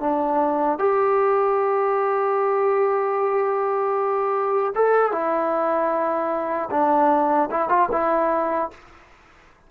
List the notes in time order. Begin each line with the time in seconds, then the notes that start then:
0.00 D4
0.79 G4
4.75 A4
5.12 E4
6.70 D4
7.51 E4
7.69 F4
7.92 E4